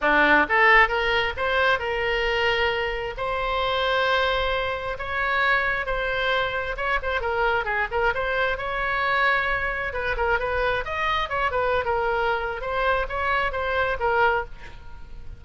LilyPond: \new Staff \with { instrumentName = "oboe" } { \time 4/4 \tempo 4 = 133 d'4 a'4 ais'4 c''4 | ais'2. c''4~ | c''2. cis''4~ | cis''4 c''2 cis''8 c''8 |
ais'4 gis'8 ais'8 c''4 cis''4~ | cis''2 b'8 ais'8 b'4 | dis''4 cis''8 b'8. ais'4.~ ais'16 | c''4 cis''4 c''4 ais'4 | }